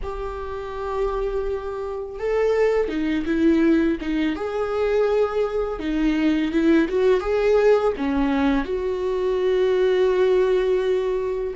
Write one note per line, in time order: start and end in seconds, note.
0.03 2.19 G4
2.19 2.88 A4
2.88 3.24 D#4
3.25 3.98 E4
4.00 4.35 D#4
4.35 5.79 G#4
5.79 6.51 D#4
6.51 6.87 E4
6.88 7.20 F#4
7.20 7.93 G#4
7.97 8.65 C#4
8.65 11.54 F#4